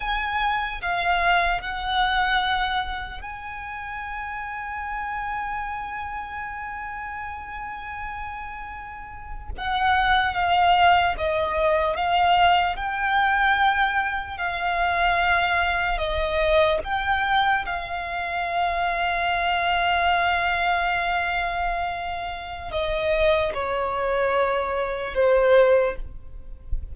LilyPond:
\new Staff \with { instrumentName = "violin" } { \time 4/4 \tempo 4 = 74 gis''4 f''4 fis''2 | gis''1~ | gis''2.~ gis''8. fis''16~ | fis''8. f''4 dis''4 f''4 g''16~ |
g''4.~ g''16 f''2 dis''16~ | dis''8. g''4 f''2~ f''16~ | f''1 | dis''4 cis''2 c''4 | }